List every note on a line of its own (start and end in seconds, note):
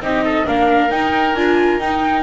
0.00 0.45 C4
0.00 0.44 D#4
0.00 0.24 G4
0.00 0.47 D#5
0.24 0.47 A4
0.44 0.91 A#3
0.44 0.89 D4
0.44 2.23 A#4
0.44 0.91 F5
0.90 1.35 D#4
0.90 1.36 D#4
0.90 1.35 G5
1.35 1.78 D4
1.35 1.81 F4
1.35 1.79 G#5
1.78 2.23 D#4
1.78 2.23 G5